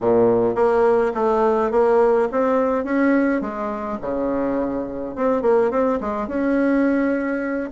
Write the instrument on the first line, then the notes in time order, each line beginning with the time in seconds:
bassoon
0.01 A#2
0.55 A#3
1.14 A3
1.71 A#3
2.31 C4
2.84 C#4
3.41 G#3
4.01 C#3
5.15 C4
5.42 A#3
5.70 C4
6.00 G#3
6.27 C#4